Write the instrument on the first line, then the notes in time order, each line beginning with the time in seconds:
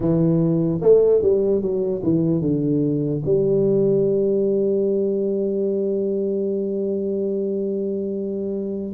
tuba
0.00 E3
0.81 A3
1.22 G3
1.61 F#3
2.03 E3
2.41 D3
3.25 G3